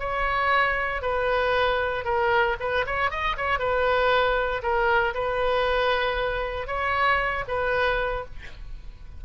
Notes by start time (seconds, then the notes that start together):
0.00 C#5
1.02 B4
2.05 A#4
2.60 B4
2.87 C#5
3.11 D#5
3.37 C#5
3.59 B4
4.63 A#4
5.14 B4
6.68 C#5
7.48 B4